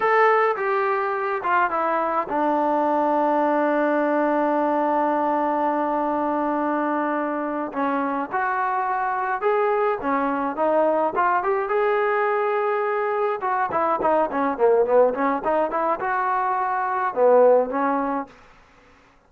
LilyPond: \new Staff \with { instrumentName = "trombone" } { \time 4/4 \tempo 4 = 105 a'4 g'4. f'8 e'4 | d'1~ | d'1~ | d'4. cis'4 fis'4.~ |
fis'8 gis'4 cis'4 dis'4 f'8 | g'8 gis'2. fis'8 | e'8 dis'8 cis'8 ais8 b8 cis'8 dis'8 e'8 | fis'2 b4 cis'4 | }